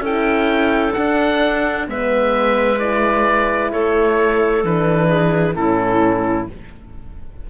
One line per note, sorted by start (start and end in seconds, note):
0.00 0.92 C#4
0.00 0.93 E4
0.00 1.86 A4
0.00 0.93 G5
0.93 1.85 D4
0.93 1.88 D4
0.93 1.86 F#5
1.87 3.73 G#3
1.87 2.79 B3
1.87 3.72 B4
1.87 2.79 E5
2.79 4.63 E4
2.79 3.71 D5
3.72 4.64 A3
3.72 5.08 A4
3.72 4.64 C#5
4.64 5.55 E3
4.64 5.55 D4
4.64 5.55 B4
5.08 5.54 G#4
5.55 6.47 A2
5.55 6.47 C#4
5.55 6.50 E4
5.55 6.47 A4